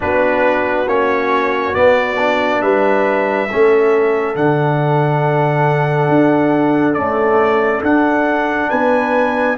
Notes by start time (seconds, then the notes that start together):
0.00 B3 D4 F#4 B4
0.87 A#3 C#4 C#5
1.73 B3 D5
2.18 D4
2.61 G3 B4 E5
3.50 A3 C#4 A4
4.35 D3 D4 F#5
6.08 D4
6.94 A3 C#4 D5
7.82 D4 F#5
8.69 B3 B4 G#5